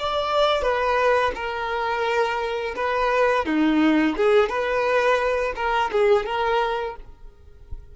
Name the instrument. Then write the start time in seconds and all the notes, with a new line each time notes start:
violin
0.00 D5
0.63 B4
1.36 A#4
2.77 B4
3.46 D#4
4.17 G#4
4.49 B4
5.57 A#4
5.92 G#4
6.27 A#4